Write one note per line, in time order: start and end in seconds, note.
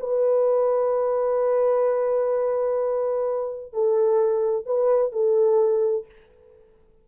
0.00 3.73 B4
3.73 4.66 A4
4.66 5.12 B4
5.12 6.06 A4